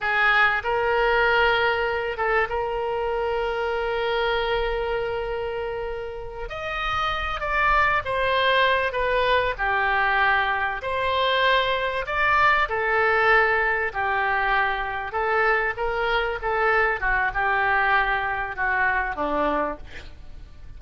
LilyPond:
\new Staff \with { instrumentName = "oboe" } { \time 4/4 \tempo 4 = 97 gis'4 ais'2~ ais'8 a'8 | ais'1~ | ais'2~ ais'8 dis''4. | d''4 c''4. b'4 g'8~ |
g'4. c''2 d''8~ | d''8 a'2 g'4.~ | g'8 a'4 ais'4 a'4 fis'8 | g'2 fis'4 d'4 | }